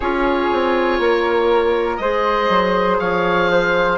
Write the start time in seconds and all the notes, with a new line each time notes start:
0.00 C#4 F4 G#4 C#5
0.51 C4
0.98 A#3 A#4
1.96 G#3 G#4 C5 D#5
2.49 F#3
2.99 F3 C#5 F5
3.50 C5